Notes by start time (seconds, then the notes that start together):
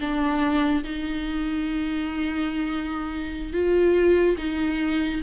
0.00 D4
0.84 D#4
3.53 F4
4.37 D#4